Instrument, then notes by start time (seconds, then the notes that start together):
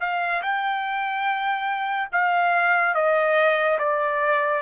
trumpet
0.00 F5
0.42 G5
2.12 F5
2.95 D#5
3.78 D5